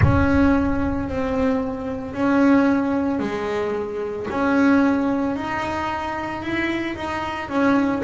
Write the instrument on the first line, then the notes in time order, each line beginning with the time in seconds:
double bass
0.02 C#4
1.08 C4
2.13 C#4
3.19 G#3
4.30 C#4
5.36 D#4
6.42 E4
6.95 D#4
7.48 C#4